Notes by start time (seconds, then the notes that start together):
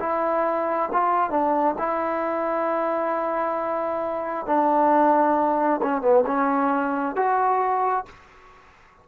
0.00 E4
0.93 F4
1.31 D4
1.79 E4
4.47 D4
5.83 C#4
6.02 B3
6.27 C#4
7.16 F#4